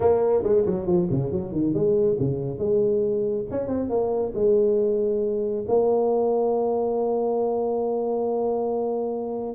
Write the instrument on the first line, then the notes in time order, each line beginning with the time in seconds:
tuba
0.00 A#3
0.43 G#3
0.65 F#3
0.86 F3
1.10 C#3
1.31 F#3
1.52 D#3
1.74 G#3
2.19 C#3
2.58 G#3
3.50 C#4
3.67 C4
3.89 A#3
4.35 G#3
5.68 A#3